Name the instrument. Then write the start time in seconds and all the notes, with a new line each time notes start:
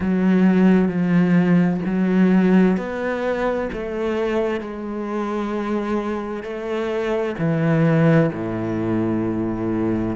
cello
0.00 F#3
0.88 F3
1.85 F#3
2.77 B3
3.72 A3
4.60 G#3
6.43 A3
7.38 E3
8.32 A2